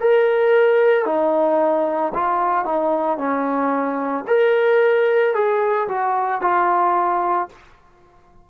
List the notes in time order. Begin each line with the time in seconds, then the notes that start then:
0.00 A#4
1.05 D#4
2.14 F4
2.64 D#4
3.17 C#4
4.27 A#4
5.34 G#4
5.88 F#4
6.41 F4